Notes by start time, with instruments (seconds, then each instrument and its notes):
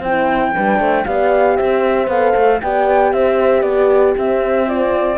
0.00 cello C4, horn E4 C5, flute G5
0.54 cello G3, horn D4 B4
0.79 cello A3, horn C5
1.05 cello B3, horn G4 D5, flute F5
1.56 cello C4, horn C5, flute E5
2.07 cello B3, horn A4, flute F5
2.36 cello A3
2.61 cello B3, horn G4 D5, flute G5
3.13 cello C4, horn C5, flute E5
3.62 cello B3, horn G4, flute D5
4.17 horn C4, cello C4, flute E5
4.66 horn F4, flute D5